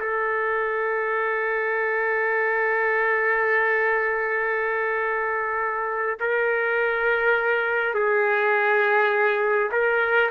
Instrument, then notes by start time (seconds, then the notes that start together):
trumpet
0.00 A4
6.20 A#4
7.95 G#4
9.72 A#4